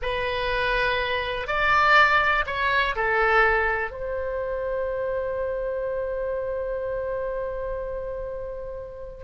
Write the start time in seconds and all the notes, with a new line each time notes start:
0.02 B4
1.47 D5
2.46 C#5
2.95 A4
3.90 C5